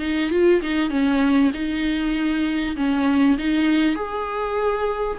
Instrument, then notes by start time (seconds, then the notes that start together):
viola
0.00 D#4
0.31 F4
0.62 D#4
0.90 C#4
1.54 D#4
2.77 C#4
3.38 D#4
3.95 G#4